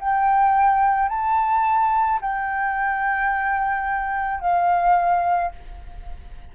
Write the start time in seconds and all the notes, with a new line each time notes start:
0.00 G5
1.09 A5
2.21 G5
4.40 F5